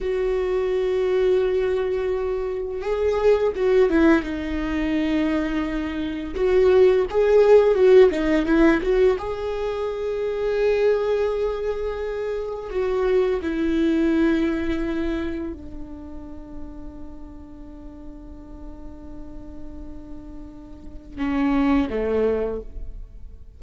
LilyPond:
\new Staff \with { instrumentName = "viola" } { \time 4/4 \tempo 4 = 85 fis'1 | gis'4 fis'8 e'8 dis'2~ | dis'4 fis'4 gis'4 fis'8 dis'8 | e'8 fis'8 gis'2.~ |
gis'2 fis'4 e'4~ | e'2 d'2~ | d'1~ | d'2 cis'4 a4 | }